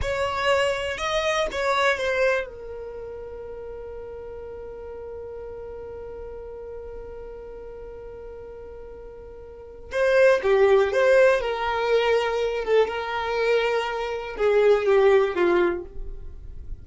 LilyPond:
\new Staff \with { instrumentName = "violin" } { \time 4/4 \tempo 4 = 121 cis''2 dis''4 cis''4 | c''4 ais'2.~ | ais'1~ | ais'1~ |
ais'1 | c''4 g'4 c''4 ais'4~ | ais'4. a'8 ais'2~ | ais'4 gis'4 g'4 f'4 | }